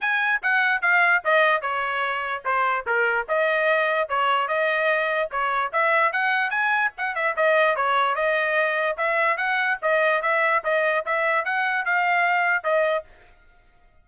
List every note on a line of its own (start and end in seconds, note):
0.00 0.41 G#5
0.42 0.81 F#5
0.81 1.22 F5
1.24 1.61 D#5
1.61 2.43 C#5
2.44 2.85 C5
2.86 3.27 A#4
3.28 4.08 D#5
4.08 4.48 C#5
4.48 5.29 D#5
5.31 5.71 C#5
5.72 6.12 E5
6.12 6.50 F#5
6.50 6.91 G#5
6.97 7.15 F#5
7.15 7.35 E5
7.36 7.76 D#5
7.76 8.15 C#5
8.15 8.96 D#5
8.97 9.37 E5
9.37 9.78 F#5
9.82 10.22 D#5
10.22 10.63 E5
10.63 11.04 D#5
11.05 11.45 E5
11.45 11.85 F#5
11.85 12.63 F5
12.63 13.04 D#5